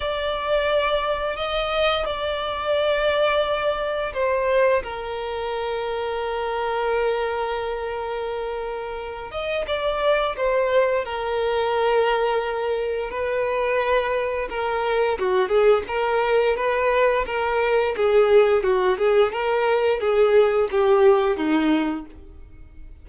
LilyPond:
\new Staff \with { instrumentName = "violin" } { \time 4/4 \tempo 4 = 87 d''2 dis''4 d''4~ | d''2 c''4 ais'4~ | ais'1~ | ais'4. dis''8 d''4 c''4 |
ais'2. b'4~ | b'4 ais'4 fis'8 gis'8 ais'4 | b'4 ais'4 gis'4 fis'8 gis'8 | ais'4 gis'4 g'4 dis'4 | }